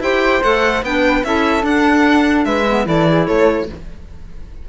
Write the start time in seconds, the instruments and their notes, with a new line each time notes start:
0.00 cello E4, clarinet G4, flute C5, violin G5
0.43 cello A3, clarinet A4, violin F#5
0.82 cello B3, clarinet D4, flute B4, violin G5
1.24 cello C#4, clarinet E4, flute A4, violin E5
1.61 clarinet D4, cello D4, violin F#5
2.45 cello G#3, flute B4, violin E5
2.69 clarinet B3
2.85 cello E3, clarinet E4, flute A4, violin D5
3.08 flute G#4
3.27 cello A3, flute A4, violin C#5